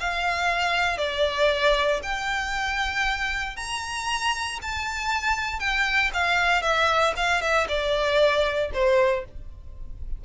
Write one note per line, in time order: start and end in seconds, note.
0.00 0.98 F5
0.98 2.00 D5
2.03 3.56 G5
3.56 4.59 A#5
4.62 5.59 A5
5.59 6.11 G5
6.14 6.62 F5
6.62 7.14 E5
7.16 7.42 F5
7.42 7.67 E5
7.69 8.71 D5
8.74 9.25 C5